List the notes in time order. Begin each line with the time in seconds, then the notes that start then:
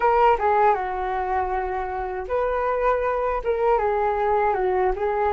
0.00 A#4
0.38 G#4
0.74 F#4
2.28 B4
3.43 A#4
3.78 G#4
4.54 F#4
4.96 G#4